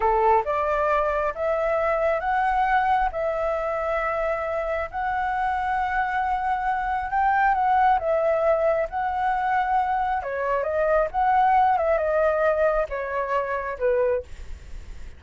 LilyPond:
\new Staff \with { instrumentName = "flute" } { \time 4/4 \tempo 4 = 135 a'4 d''2 e''4~ | e''4 fis''2 e''4~ | e''2. fis''4~ | fis''1 |
g''4 fis''4 e''2 | fis''2. cis''4 | dis''4 fis''4. e''8 dis''4~ | dis''4 cis''2 b'4 | }